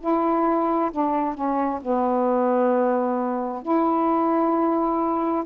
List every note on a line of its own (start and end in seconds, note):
0.00 0.91 E4
0.91 1.35 D4
1.35 1.80 C#4
1.82 3.62 B3
3.62 5.44 E4